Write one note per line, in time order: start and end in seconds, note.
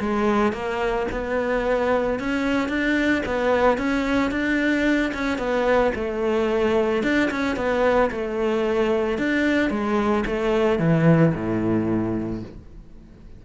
0.00 0.53 G#3
0.53 1.07 A#3
1.11 2.19 B3
2.19 2.69 C#4
2.69 3.23 D4
3.26 3.78 B3
3.78 4.31 C#4
4.31 5.12 D4
5.14 5.38 C#4
5.38 5.92 B3
5.95 7.03 A3
7.03 7.30 D4
7.31 7.56 C#4
7.56 8.10 B3
8.11 9.18 A3
9.18 9.70 D4
9.70 10.24 G#3
10.26 10.79 A3
10.79 11.33 E3
11.35 12.43 A2